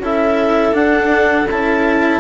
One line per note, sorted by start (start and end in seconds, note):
0.00 0.73 C#4
0.00 0.73 E4
0.00 2.20 A4
0.00 0.75 E5
0.73 1.46 D4
0.73 1.48 D4
0.73 1.48 F#5
1.51 2.20 C#4
1.51 2.20 E4
1.51 2.20 A5